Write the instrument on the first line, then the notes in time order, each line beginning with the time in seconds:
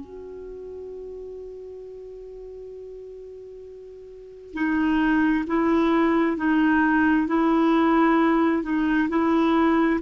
clarinet
0.00 F#4
4.53 D#4
5.47 E4
6.37 D#4
7.27 E4
8.63 D#4
9.09 E4